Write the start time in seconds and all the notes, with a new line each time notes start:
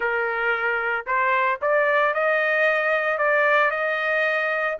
0.00 A#4
1.06 C5
1.61 D5
2.14 D#5
3.18 D5
3.70 D#5